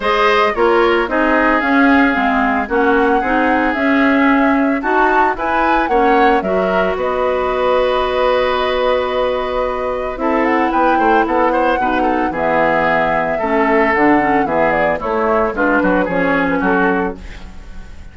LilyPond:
<<
  \new Staff \with { instrumentName = "flute" } { \time 4/4 \tempo 4 = 112 dis''4 cis''4 dis''4 f''4~ | f''4 fis''2 e''4~ | e''4 a''4 gis''4 fis''4 | e''4 dis''2.~ |
dis''2. e''8 fis''8 | g''4 fis''2 e''4~ | e''2 fis''4 e''8 d''8 | cis''4 b'4 cis''8. b'16 a'4 | }
  \new Staff \with { instrumentName = "oboe" } { \time 4/4 c''4 ais'4 gis'2~ | gis'4 fis'4 gis'2~ | gis'4 fis'4 b'4 cis''4 | ais'4 b'2.~ |
b'2. a'4 | b'8 c''8 a'8 c''8 b'8 a'8 gis'4~ | gis'4 a'2 gis'4 | e'4 f'8 fis'8 gis'4 fis'4 | }
  \new Staff \with { instrumentName = "clarinet" } { \time 4/4 gis'4 f'4 dis'4 cis'4 | c'4 cis'4 dis'4 cis'4~ | cis'4 fis'4 e'4 cis'4 | fis'1~ |
fis'2. e'4~ | e'2 dis'4 b4~ | b4 cis'4 d'8 cis'8 b4 | a4 d'4 cis'2 | }
  \new Staff \with { instrumentName = "bassoon" } { \time 4/4 gis4 ais4 c'4 cis'4 | gis4 ais4 c'4 cis'4~ | cis'4 dis'4 e'4 ais4 | fis4 b2.~ |
b2. c'4 | b8 a8 b4 b,4 e4~ | e4 a4 d4 e4 | a4 gis8 fis8 f4 fis4 | }
>>